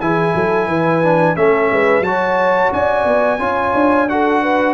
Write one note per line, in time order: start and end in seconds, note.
0.00 0.34 E3
0.00 1.03 E4
0.00 0.35 G#4
0.00 1.37 G#5
0.35 0.67 F#3
0.35 0.68 A4
0.67 1.35 E3
0.67 1.36 B4
1.03 1.36 D4
1.36 1.71 A3
1.36 2.04 C#4
1.36 1.71 A4
1.36 2.03 E5
1.71 2.00 G#3
1.71 2.05 B4
2.00 2.68 F#3
2.00 3.40 F#4
2.00 2.72 C#5
2.00 2.72 A5
2.72 3.05 C#4
2.72 3.40 D5
2.72 4.09 G#5
3.05 3.39 B3
3.39 3.73 C#4
3.39 4.08 F4
3.39 4.09 C#5
3.74 4.74 D4
4.09 4.74 F#4
4.09 4.42 A4
4.09 4.74 F#5
4.42 4.74 B4